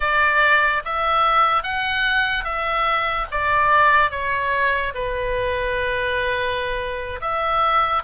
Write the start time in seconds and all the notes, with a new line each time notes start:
0.00 D5
0.84 E5
1.63 F#5
2.44 E5
3.31 D5
4.11 C#5
4.94 B4
7.20 E5